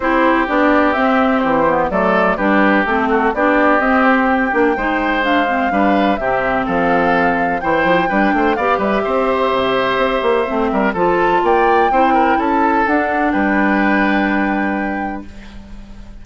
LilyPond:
<<
  \new Staff \with { instrumentName = "flute" } { \time 4/4 \tempo 4 = 126 c''4 d''4 e''4 c''4 | d''4 b'4 a'4 d''4 | dis''8 c''8 g''2 f''4~ | f''4 e''4 f''2 |
g''2 f''8 e''4.~ | e''2. a''4 | g''2 a''4 fis''4 | g''1 | }
  \new Staff \with { instrumentName = "oboe" } { \time 4/4 g'1 | a'4 g'4. fis'8 g'4~ | g'2 c''2 | b'4 g'4 a'2 |
c''4 b'8 c''8 d''8 b'8 c''4~ | c''2~ c''8 ais'8 a'4 | d''4 c''8 ais'8 a'2 | b'1 | }
  \new Staff \with { instrumentName = "clarinet" } { \time 4/4 e'4 d'4 c'4. b8 | a4 d'4 c'4 d'4 | c'4. d'8 dis'4 d'8 c'8 | d'4 c'2. |
e'4 d'4 g'2~ | g'2 c'4 f'4~ | f'4 e'2 d'4~ | d'1 | }
  \new Staff \with { instrumentName = "bassoon" } { \time 4/4 c'4 b4 c'4 e4 | fis4 g4 a4 b4 | c'4. ais8 gis2 | g4 c4 f2 |
e8 f8 g8 a8 b8 g8 c'4 | c4 c'8 ais8 a8 g8 f4 | ais4 c'4 cis'4 d'4 | g1 | }
>>